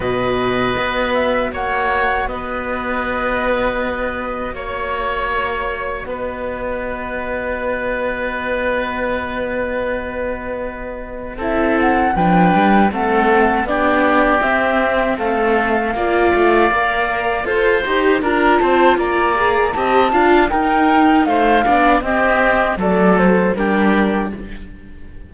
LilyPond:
<<
  \new Staff \with { instrumentName = "flute" } { \time 4/4 \tempo 4 = 79 dis''4. e''8 fis''4 dis''4~ | dis''2 cis''2 | dis''1~ | dis''2. e''8 fis''8 |
g''4 fis''4 d''4 e''4 | f''2. c''4 | ais''8 a''8 ais''4 a''4 g''4 | f''4 dis''4 d''8 c''8 ais'4 | }
  \new Staff \with { instrumentName = "oboe" } { \time 4/4 b'2 cis''4 b'4~ | b'2 cis''2 | b'1~ | b'2. a'4 |
b'4 a'4 g'2 | a'4 d''2 c''4 | ais'8 c''8 d''4 dis''8 f''8 ais'4 | c''8 d''8 g'4 a'4 g'4 | }
  \new Staff \with { instrumentName = "viola" } { \time 4/4 fis'1~ | fis'1~ | fis'1~ | fis'2. e'4 |
d'4 c'4 d'4 c'4~ | c'4 f'4 ais'4 a'8 g'8 | f'4. gis'8 g'8 f'8 dis'4~ | dis'8 d'8 c'4 a4 d'4 | }
  \new Staff \with { instrumentName = "cello" } { \time 4/4 b,4 b4 ais4 b4~ | b2 ais2 | b1~ | b2. c'4 |
f8 g8 a4 b4 c'4 | a4 ais8 a8 ais4 f'8 dis'8 | d'8 c'8 ais4 c'8 d'8 dis'4 | a8 b8 c'4 fis4 g4 | }
>>